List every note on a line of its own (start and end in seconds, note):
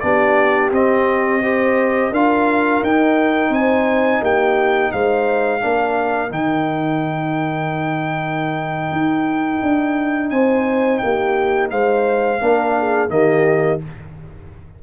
0.00 0.71 B3
0.00 0.72 D4
0.00 1.43 G4
0.00 0.70 D5
0.71 2.11 C4
0.71 1.43 C4
0.71 2.14 D#5
1.43 2.12 G4
1.43 2.11 C5
2.11 2.81 D4
2.11 2.84 F4
2.11 3.51 A#4
2.11 2.83 F5
2.82 3.50 D#4
2.82 5.60 D#4
2.82 3.53 G5
3.50 4.19 C4
3.50 4.21 C5
3.50 4.23 G#5
4.21 4.91 A#3
4.21 4.91 G4
4.21 4.92 G5
4.92 5.63 G#3
4.92 5.61 C5
4.92 6.32 F5
5.60 6.31 A#3
5.60 6.29 D4
5.60 10.32 A#4
6.29 8.91 D#3
6.29 12.39 D#4
6.29 10.30 G5
8.91 9.61 D#4
9.62 10.31 D4
10.30 11.01 C4
10.30 11.02 C5
10.30 10.98 G#5
10.98 11.71 A#3
10.98 11.68 G5
11.04 11.71 G4
11.70 12.41 G#3
11.70 12.41 C5
11.70 13.10 F5
12.40 13.09 A#3
12.40 13.09 D4
12.40 12.77 A#4
12.78 13.13 G#4
13.09 13.79 D#3
13.09 13.79 A#3
13.09 13.83 G4
13.09 13.80 D#5